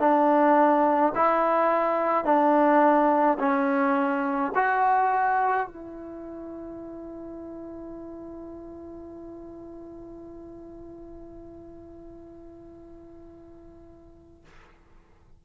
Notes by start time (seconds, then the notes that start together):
0.00 D4
1.15 E4
2.25 D4
3.40 C#4
4.55 F#4
5.68 E4